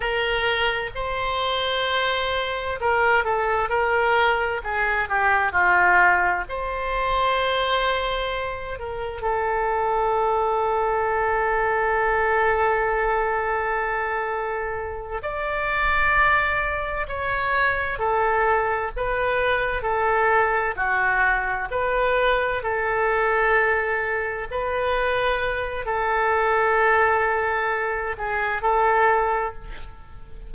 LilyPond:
\new Staff \with { instrumentName = "oboe" } { \time 4/4 \tempo 4 = 65 ais'4 c''2 ais'8 a'8 | ais'4 gis'8 g'8 f'4 c''4~ | c''4. ais'8 a'2~ | a'1~ |
a'8 d''2 cis''4 a'8~ | a'8 b'4 a'4 fis'4 b'8~ | b'8 a'2 b'4. | a'2~ a'8 gis'8 a'4 | }